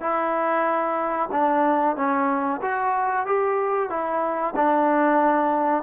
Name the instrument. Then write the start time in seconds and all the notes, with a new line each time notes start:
trombone
0.00 E4
1.32 D4
1.96 C#4
2.62 F#4
3.26 G4
3.90 E4
4.56 D4